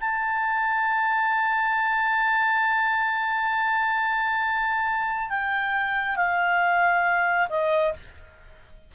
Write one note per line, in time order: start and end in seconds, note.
0.00 5.29 A5
5.29 6.16 G5
6.16 7.48 F5
7.49 7.93 D#5